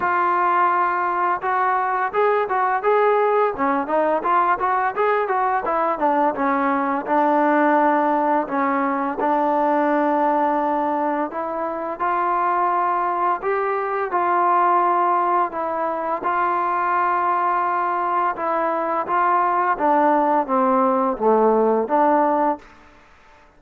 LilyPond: \new Staff \with { instrumentName = "trombone" } { \time 4/4 \tempo 4 = 85 f'2 fis'4 gis'8 fis'8 | gis'4 cis'8 dis'8 f'8 fis'8 gis'8 fis'8 | e'8 d'8 cis'4 d'2 | cis'4 d'2. |
e'4 f'2 g'4 | f'2 e'4 f'4~ | f'2 e'4 f'4 | d'4 c'4 a4 d'4 | }